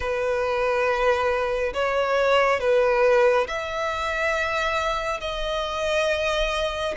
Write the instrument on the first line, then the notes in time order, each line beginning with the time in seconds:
violin
0.00 B4
1.73 C#5
2.60 B4
3.47 E5
5.20 D#5